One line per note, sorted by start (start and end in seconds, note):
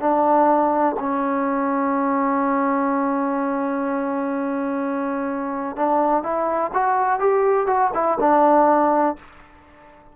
0.00 0.96 D4
0.99 5.76 C#4
5.76 6.23 D4
6.23 6.71 E4
6.73 7.20 F#4
7.20 7.67 G4
7.67 7.91 F#4
7.95 8.19 E4
8.20 9.16 D4